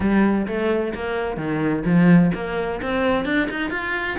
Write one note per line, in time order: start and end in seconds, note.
0.00 0.46 G3
0.47 0.93 A3
0.94 1.37 A#3
1.37 1.83 D#3
1.85 2.31 F3
2.34 2.81 A#3
2.82 3.25 C4
3.25 3.48 D4
3.50 3.70 D#4
3.70 4.17 F4